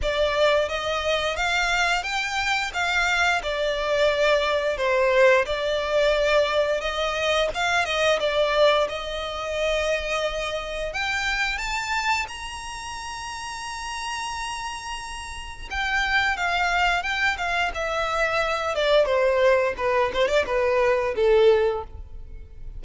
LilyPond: \new Staff \with { instrumentName = "violin" } { \time 4/4 \tempo 4 = 88 d''4 dis''4 f''4 g''4 | f''4 d''2 c''4 | d''2 dis''4 f''8 dis''8 | d''4 dis''2. |
g''4 a''4 ais''2~ | ais''2. g''4 | f''4 g''8 f''8 e''4. d''8 | c''4 b'8 c''16 d''16 b'4 a'4 | }